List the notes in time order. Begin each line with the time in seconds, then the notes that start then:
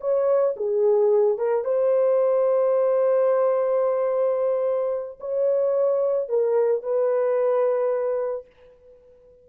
0.00 C#5
0.56 G#4
1.38 A#4
1.64 C5
5.20 C#5
6.28 A#4
6.82 B4